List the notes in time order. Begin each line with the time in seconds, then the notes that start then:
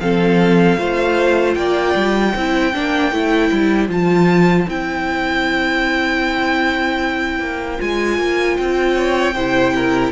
0.00 F3 C4 A4 F5
0.78 A3 F4 C5
1.54 A#3 D5 G5
1.95 G3
2.34 C4 E4 C5
2.73 A#3 D4
3.12 A3 E4
3.52 G3
3.89 F3 F4 A5
4.68 C4 E4 G5
7.40 A#3
7.78 G#3 F4 G#5
8.19 A#3
8.57 C4 G5
8.95 C#5
9.35 C3 E4 C5
9.75 A#4